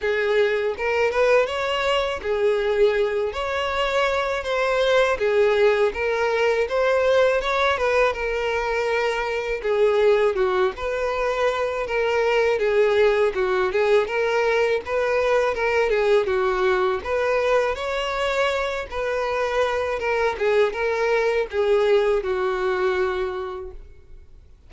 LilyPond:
\new Staff \with { instrumentName = "violin" } { \time 4/4 \tempo 4 = 81 gis'4 ais'8 b'8 cis''4 gis'4~ | gis'8 cis''4. c''4 gis'4 | ais'4 c''4 cis''8 b'8 ais'4~ | ais'4 gis'4 fis'8 b'4. |
ais'4 gis'4 fis'8 gis'8 ais'4 | b'4 ais'8 gis'8 fis'4 b'4 | cis''4. b'4. ais'8 gis'8 | ais'4 gis'4 fis'2 | }